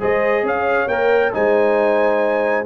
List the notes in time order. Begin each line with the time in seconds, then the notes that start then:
0.00 G#3 G#4 C5 D#5
0.43 C#4 C#5 F5
0.88 A#3 A#4 G5
1.33 G#3 D#4 C5 G#5